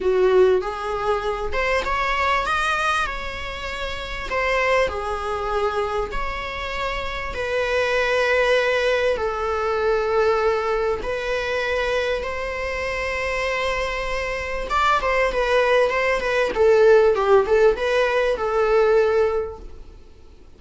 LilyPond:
\new Staff \with { instrumentName = "viola" } { \time 4/4 \tempo 4 = 98 fis'4 gis'4. c''8 cis''4 | dis''4 cis''2 c''4 | gis'2 cis''2 | b'2. a'4~ |
a'2 b'2 | c''1 | d''8 c''8 b'4 c''8 b'8 a'4 | g'8 a'8 b'4 a'2 | }